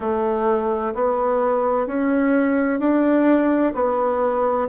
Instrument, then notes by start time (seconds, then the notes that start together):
bassoon
0.00 A3
0.94 B3
1.87 C#4
2.79 D4
3.74 B3